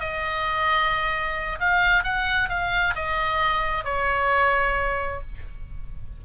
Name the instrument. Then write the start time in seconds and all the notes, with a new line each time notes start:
oboe
0.00 D#5
1.60 F5
2.04 F#5
2.49 F5
2.95 D#5
3.84 C#5